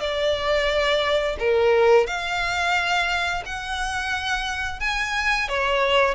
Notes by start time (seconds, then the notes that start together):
0.00 D5
1.39 A#4
2.07 F5
3.46 F#5
4.80 G#5
5.48 C#5